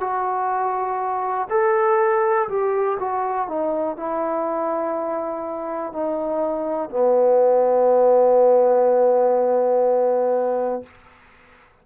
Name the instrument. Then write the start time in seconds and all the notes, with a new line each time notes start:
trombone
0.00 F#4
1.50 A4
2.48 G4
2.99 F#4
3.48 D#4
3.96 E4
5.92 D#4
6.89 B3